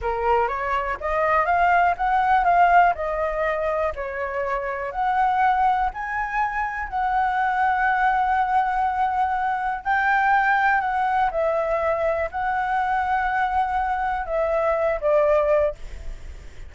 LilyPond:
\new Staff \with { instrumentName = "flute" } { \time 4/4 \tempo 4 = 122 ais'4 cis''4 dis''4 f''4 | fis''4 f''4 dis''2 | cis''2 fis''2 | gis''2 fis''2~ |
fis''1 | g''2 fis''4 e''4~ | e''4 fis''2.~ | fis''4 e''4. d''4. | }